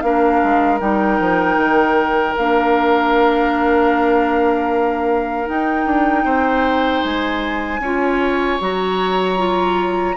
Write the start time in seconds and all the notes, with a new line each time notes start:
0.00 A#3 D4 A#4 F5
0.43 G#3
0.79 G3 D#4 G5
1.19 F3
1.56 D#3
2.37 A#3 D4 F5
5.45 D#4 G5
5.86 D4
6.24 C4 C5
7.03 G#3 G#5
7.79 C#4 F4 C#5
8.59 F#3 F#4 A#5
9.37 F4